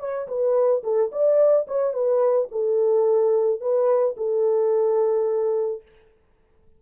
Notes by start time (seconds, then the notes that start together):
0.00 C#5
0.28 B4
0.84 A4
1.12 D5
1.68 C#5
1.93 B4
2.51 A4
3.61 B4
4.17 A4